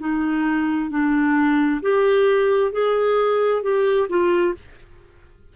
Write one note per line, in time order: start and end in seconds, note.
0.00 0.90 D#4
0.90 1.81 D4
1.82 2.73 G4
2.73 3.63 G#4
3.63 4.08 G4
4.10 4.55 F4